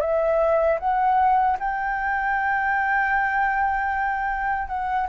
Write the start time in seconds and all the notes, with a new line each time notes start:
0.00 E5
0.79 F#5
1.59 G5
4.68 F#5